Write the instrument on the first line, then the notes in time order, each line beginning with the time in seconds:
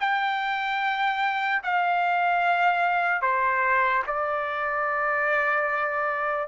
trumpet
0.00 G5
1.64 F5
3.22 C5
4.07 D5